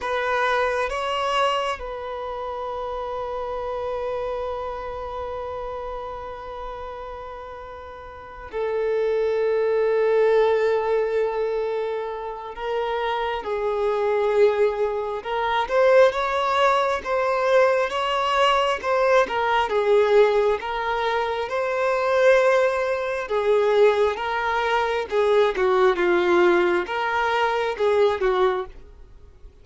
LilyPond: \new Staff \with { instrumentName = "violin" } { \time 4/4 \tempo 4 = 67 b'4 cis''4 b'2~ | b'1~ | b'4. a'2~ a'8~ | a'2 ais'4 gis'4~ |
gis'4 ais'8 c''8 cis''4 c''4 | cis''4 c''8 ais'8 gis'4 ais'4 | c''2 gis'4 ais'4 | gis'8 fis'8 f'4 ais'4 gis'8 fis'8 | }